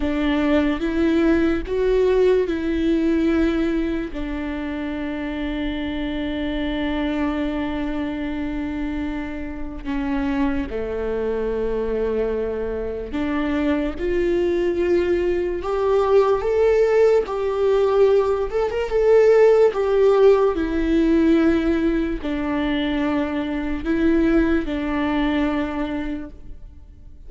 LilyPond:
\new Staff \with { instrumentName = "viola" } { \time 4/4 \tempo 4 = 73 d'4 e'4 fis'4 e'4~ | e'4 d'2.~ | d'1 | cis'4 a2. |
d'4 f'2 g'4 | a'4 g'4. a'16 ais'16 a'4 | g'4 e'2 d'4~ | d'4 e'4 d'2 | }